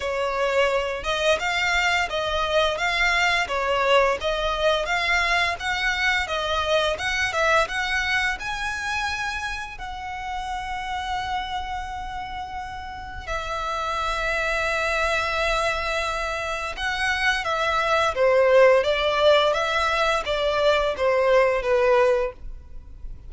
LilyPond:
\new Staff \with { instrumentName = "violin" } { \time 4/4 \tempo 4 = 86 cis''4. dis''8 f''4 dis''4 | f''4 cis''4 dis''4 f''4 | fis''4 dis''4 fis''8 e''8 fis''4 | gis''2 fis''2~ |
fis''2. e''4~ | e''1 | fis''4 e''4 c''4 d''4 | e''4 d''4 c''4 b'4 | }